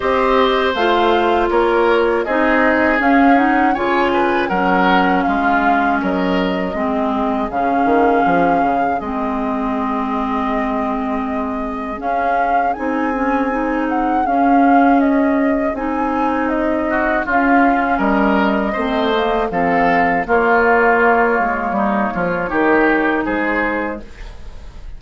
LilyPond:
<<
  \new Staff \with { instrumentName = "flute" } { \time 4/4 \tempo 4 = 80 dis''4 f''4 cis''4 dis''4 | f''8 fis''8 gis''4 fis''4 f''4 | dis''2 f''2 | dis''1 |
f''4 gis''4. fis''8 f''4 | dis''4 gis''4 dis''4 f''4 | dis''2 f''4 cis''4~ | cis''2. c''4 | }
  \new Staff \with { instrumentName = "oboe" } { \time 4/4 c''2 ais'4 gis'4~ | gis'4 cis''8 b'8 ais'4 f'4 | ais'4 gis'2.~ | gis'1~ |
gis'1~ | gis'2~ gis'8 fis'8 f'4 | ais'4 c''4 a'4 f'4~ | f'4 dis'8 f'8 g'4 gis'4 | }
  \new Staff \with { instrumentName = "clarinet" } { \time 4/4 g'4 f'2 dis'4 | cis'8 dis'8 f'4 cis'2~ | cis'4 c'4 cis'2 | c'1 |
cis'4 dis'8 cis'8 dis'4 cis'4~ | cis'4 dis'2 cis'4~ | cis'4 c'8 ais8 c'4 ais4~ | ais2 dis'2 | }
  \new Staff \with { instrumentName = "bassoon" } { \time 4/4 c'4 a4 ais4 c'4 | cis'4 cis4 fis4 gis4 | fis4 gis4 cis8 dis8 f8 cis8 | gis1 |
cis'4 c'2 cis'4~ | cis'4 c'2 cis'4 | g4 a4 f4 ais4~ | ais8 gis8 g8 f8 dis4 gis4 | }
>>